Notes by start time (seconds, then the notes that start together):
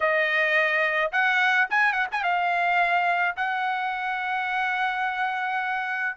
0.00 D#5
1.12 F#5
1.70 G#5
1.92 F#5
2.11 G#5
2.23 F5
3.36 F#5